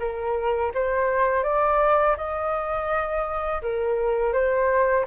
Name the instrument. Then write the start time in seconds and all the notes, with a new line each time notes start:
flute
0.00 A#4
0.74 C5
1.44 D5
2.17 D#5
3.62 A#4
4.33 C5